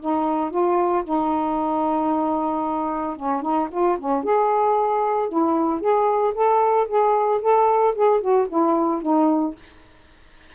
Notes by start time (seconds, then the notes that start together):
0.00 D#4
0.51 F4
1.04 D#4
3.16 C#4
3.42 D#4
3.71 F4
3.99 C#4
4.24 G#4
5.29 E4
5.80 G#4
6.35 A4
6.88 G#4
7.42 A4
7.95 G#4
8.21 F#4
8.49 E4
9.02 D#4